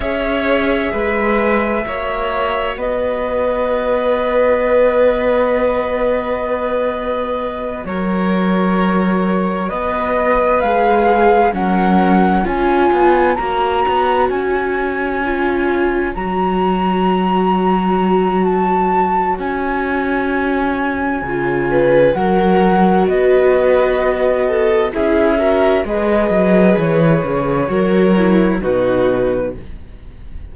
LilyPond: <<
  \new Staff \with { instrumentName = "flute" } { \time 4/4 \tempo 4 = 65 e''2. dis''4~ | dis''1~ | dis''8 cis''2 dis''4 f''8~ | f''8 fis''4 gis''4 ais''4 gis''8~ |
gis''4. ais''2~ ais''8 | a''4 gis''2. | fis''4 dis''2 e''4 | dis''4 cis''2 b'4 | }
  \new Staff \with { instrumentName = "violin" } { \time 4/4 cis''4 b'4 cis''4 b'4~ | b'1~ | b'8 ais'2 b'4.~ | b'8 ais'4 cis''2~ cis''8~ |
cis''1~ | cis''2.~ cis''8 b'8 | ais'4 b'4. a'8 gis'8 ais'8 | b'2 ais'4 fis'4 | }
  \new Staff \with { instrumentName = "viola" } { \time 4/4 gis'2 fis'2~ | fis'1~ | fis'2.~ fis'8 gis'8~ | gis'8 cis'4 f'4 fis'4.~ |
fis'8 f'4 fis'2~ fis'8~ | fis'2. f'4 | fis'2. e'8 fis'8 | gis'2 fis'8 e'8 dis'4 | }
  \new Staff \with { instrumentName = "cello" } { \time 4/4 cis'4 gis4 ais4 b4~ | b1~ | b8 fis2 b4 gis8~ | gis8 fis4 cis'8 b8 ais8 b8 cis'8~ |
cis'4. fis2~ fis8~ | fis4 cis'2 cis4 | fis4 b2 cis'4 | gis8 fis8 e8 cis8 fis4 b,4 | }
>>